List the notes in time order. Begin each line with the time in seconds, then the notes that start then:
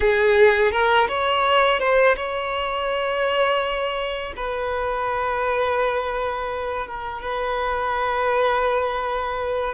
0.00 G#4
0.71 A#4
1.08 C#5
1.79 C5
2.16 C#5
4.36 B4
6.87 A#4
7.22 B4